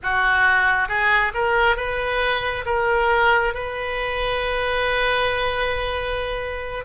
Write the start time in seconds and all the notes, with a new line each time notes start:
0.02 F#4
0.88 G#4
1.34 A#4
1.76 B4
2.65 A#4
3.54 B4